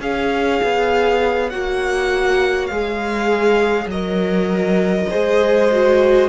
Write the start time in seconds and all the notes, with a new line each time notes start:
0.00 C#4 G#4 C#5 F5
0.63 B3
1.50 A#3 F#4 F#5
2.67 G#3 G#4 F5
3.85 F#3 D#5
3.92 A#4
5.10 G#3 G#4 C5
5.71 F#4